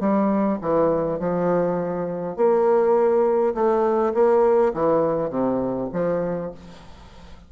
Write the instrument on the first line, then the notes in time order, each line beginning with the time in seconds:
bassoon
0.00 G3
0.61 E3
1.19 F3
2.36 A#3
3.54 A3
4.14 A#3
4.74 E3
5.30 C3
5.93 F3